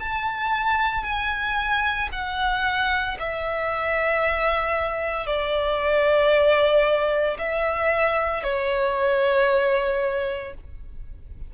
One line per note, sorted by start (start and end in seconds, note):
0.00 1.04 A5
1.04 2.09 G#5
2.12 3.18 F#5
3.19 5.27 E5
5.27 7.37 D5
7.39 8.44 E5
8.44 10.54 C#5